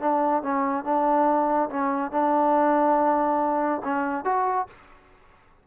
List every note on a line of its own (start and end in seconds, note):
0.00 0.42 D4
0.42 0.84 C#4
0.84 1.69 D4
1.70 2.11 C#4
2.11 3.81 D4
3.84 4.24 C#4
4.24 4.67 F#4